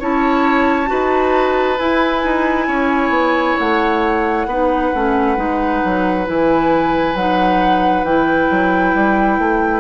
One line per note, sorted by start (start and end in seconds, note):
0.00 0.90 C#4
0.00 0.86 E4
0.00 0.90 C#5
0.00 1.79 A5
0.86 1.79 D#4
0.86 1.76 F#4
0.86 2.68 B4
1.79 2.24 E4
1.79 4.49 E4
1.79 3.58 G#5
2.24 2.68 D#4
2.68 3.10 C#4
2.68 4.47 C#5
3.10 3.55 B3
3.59 4.46 A3
3.59 6.27 F#5
4.46 4.91 B3
4.46 4.94 D#4
4.46 9.81 B4
4.94 5.38 A3
4.94 5.36 C#4
5.36 5.82 G#3
5.36 6.26 D#4
5.85 6.28 F#3
6.26 7.15 E3
6.26 7.15 E4
6.26 7.16 G#5
7.15 8.03 F#3
7.15 8.07 D#4
7.15 8.04 F#5
8.03 8.48 E3
8.03 9.81 E4
8.03 9.81 G5
8.51 8.95 F#3
8.95 9.39 G3
9.39 9.81 A3